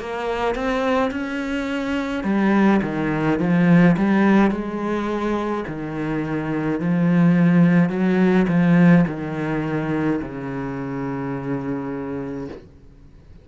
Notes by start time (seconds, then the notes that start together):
0.00 A#3
0.55 C4
1.11 C#4
2.24 G3
2.83 D#3
3.40 F3
3.97 G3
4.51 G#3
5.68 D#3
6.80 F3
7.90 F#3
8.49 F3
9.07 D#3
10.22 C#3